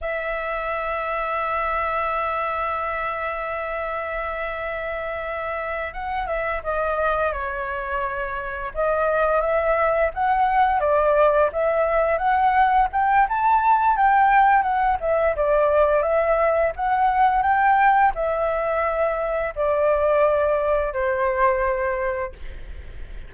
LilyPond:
\new Staff \with { instrumentName = "flute" } { \time 4/4 \tempo 4 = 86 e''1~ | e''1~ | e''8 fis''8 e''8 dis''4 cis''4.~ | cis''8 dis''4 e''4 fis''4 d''8~ |
d''8 e''4 fis''4 g''8 a''4 | g''4 fis''8 e''8 d''4 e''4 | fis''4 g''4 e''2 | d''2 c''2 | }